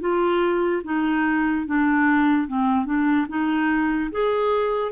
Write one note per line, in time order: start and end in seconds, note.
0.00 0.82 F4
0.84 1.66 D#4
1.66 2.47 D4
2.47 2.85 C4
2.85 3.27 D4
3.28 4.11 D#4
4.11 4.92 G#4